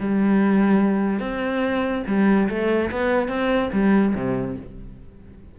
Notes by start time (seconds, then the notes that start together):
0.00 G3
1.20 C4
2.07 G3
2.49 A3
2.91 B3
3.28 C4
3.73 G3
4.15 C3